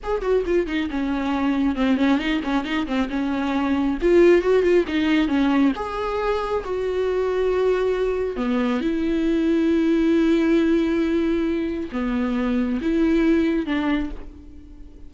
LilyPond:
\new Staff \with { instrumentName = "viola" } { \time 4/4 \tempo 4 = 136 gis'8 fis'8 f'8 dis'8 cis'2 | c'8 cis'8 dis'8 cis'8 dis'8 c'8 cis'4~ | cis'4 f'4 fis'8 f'8 dis'4 | cis'4 gis'2 fis'4~ |
fis'2. b4 | e'1~ | e'2. b4~ | b4 e'2 d'4 | }